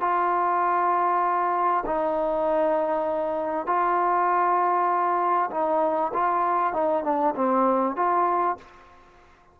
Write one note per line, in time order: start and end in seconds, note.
0.00 1.84 F4
1.86 3.66 D#4
3.66 5.50 F4
5.50 6.12 D#4
6.13 6.73 F4
6.73 7.03 D#4
7.03 7.34 D4
7.35 7.96 C4
7.96 8.57 F4